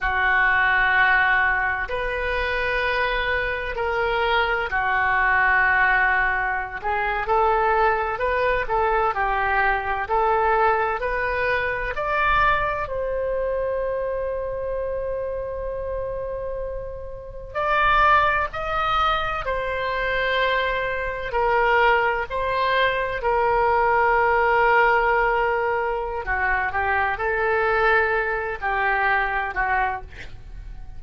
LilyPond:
\new Staff \with { instrumentName = "oboe" } { \time 4/4 \tempo 4 = 64 fis'2 b'2 | ais'4 fis'2~ fis'16 gis'8 a'16~ | a'8. b'8 a'8 g'4 a'4 b'16~ | b'8. d''4 c''2~ c''16~ |
c''2~ c''8. d''4 dis''16~ | dis''8. c''2 ais'4 c''16~ | c''8. ais'2.~ ais'16 | fis'8 g'8 a'4. g'4 fis'8 | }